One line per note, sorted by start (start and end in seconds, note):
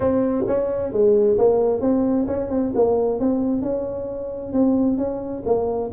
0.00 0.44 C4
0.47 0.92 C#4
0.92 1.37 G#3
1.37 1.80 A#3
1.80 2.26 C4
2.27 2.50 C#4
2.50 2.72 C4
2.74 3.19 A#3
3.19 3.62 C4
3.62 4.52 C#4
4.52 4.97 C4
4.97 5.43 C#4
5.45 5.90 A#3